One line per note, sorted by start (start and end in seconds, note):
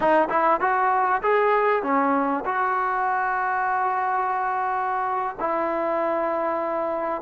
0.00 0.28 D#4
0.29 0.60 E4
0.60 1.21 F#4
1.22 1.83 G#4
1.83 2.44 C#4
2.45 5.36 F#4
5.39 7.21 E4